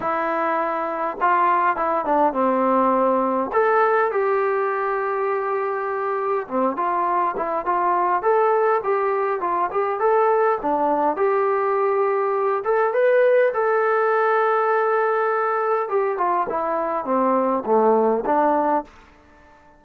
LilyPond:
\new Staff \with { instrumentName = "trombone" } { \time 4/4 \tempo 4 = 102 e'2 f'4 e'8 d'8 | c'2 a'4 g'4~ | g'2. c'8 f'8~ | f'8 e'8 f'4 a'4 g'4 |
f'8 g'8 a'4 d'4 g'4~ | g'4. a'8 b'4 a'4~ | a'2. g'8 f'8 | e'4 c'4 a4 d'4 | }